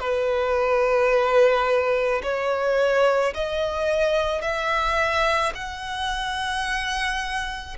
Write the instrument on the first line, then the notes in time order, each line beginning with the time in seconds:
violin
0.00 B4
2.23 C#5
3.34 D#5
4.42 E5
5.55 F#5